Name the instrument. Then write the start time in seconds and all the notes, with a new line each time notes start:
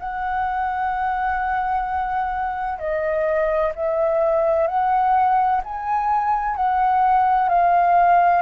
flute
0.00 F#5
2.79 D#5
3.76 E5
4.68 F#5
5.65 G#5
6.57 F#5
7.49 F5